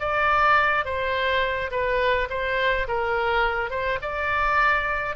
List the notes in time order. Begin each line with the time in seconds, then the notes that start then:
0.00 D5
0.85 C5
1.71 B4
2.30 C5
2.88 A#4
3.70 C5
4.02 D5